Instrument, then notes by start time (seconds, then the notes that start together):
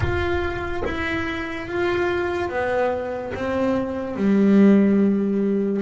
double bass
0.00 F4
0.84 E4
1.67 F4
2.49 B3
3.34 C4
4.16 G3